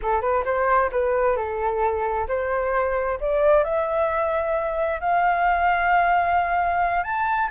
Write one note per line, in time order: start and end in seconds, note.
0.01 0.21 A4
0.21 0.43 B4
0.44 0.90 C5
0.91 1.36 B4
1.36 2.27 A4
2.28 3.19 C5
3.20 3.64 D5
3.64 5.00 E5
5.00 7.03 F5
7.03 7.49 A5